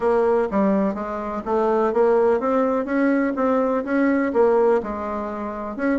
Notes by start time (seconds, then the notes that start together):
0.00 A#3
0.50 G3
0.94 G#3
1.45 A3
1.93 A#3
2.40 C4
2.85 C#4
3.36 C4
3.84 C#4
4.33 A#3
4.82 G#3
5.76 C#4